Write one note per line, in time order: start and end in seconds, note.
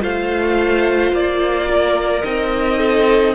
0.00 1.12 A3
0.00 2.22 F4
0.00 1.68 C5
0.00 1.15 F5
1.12 2.23 A#3
1.12 2.23 D5
1.70 2.79 A#4
2.23 3.35 C4
2.23 3.35 D#4
2.23 3.34 D#5
2.79 3.34 A4